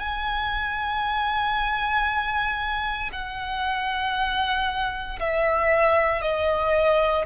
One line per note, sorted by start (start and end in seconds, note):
0.00 3.10 G#5
3.13 5.20 F#5
5.20 6.22 E5
6.22 7.26 D#5